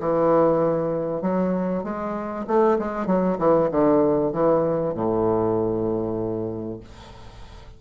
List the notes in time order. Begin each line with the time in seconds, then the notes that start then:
0.00 E3
1.22 F#3
1.84 G#3
2.47 A3
2.79 G#3
3.07 F#3
3.38 E3
3.71 D3
4.32 E3
4.95 A2